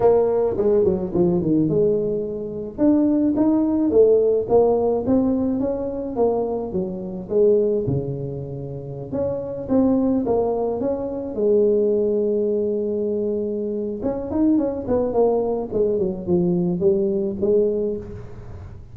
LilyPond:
\new Staff \with { instrumentName = "tuba" } { \time 4/4 \tempo 4 = 107 ais4 gis8 fis8 f8 dis8 gis4~ | gis4 d'4 dis'4 a4 | ais4 c'4 cis'4 ais4 | fis4 gis4 cis2~ |
cis16 cis'4 c'4 ais4 cis'8.~ | cis'16 gis2.~ gis8.~ | gis4 cis'8 dis'8 cis'8 b8 ais4 | gis8 fis8 f4 g4 gis4 | }